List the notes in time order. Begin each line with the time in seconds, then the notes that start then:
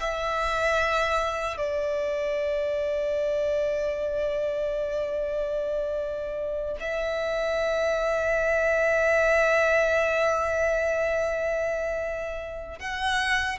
0.00 E5
1.57 D5
6.80 E5
12.79 F#5